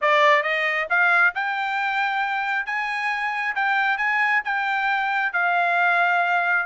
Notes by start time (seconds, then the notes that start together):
0.01 D5
0.43 D#5
0.89 F5
1.34 G5
2.66 G#5
3.55 G5
3.97 G#5
4.44 G5
5.33 F5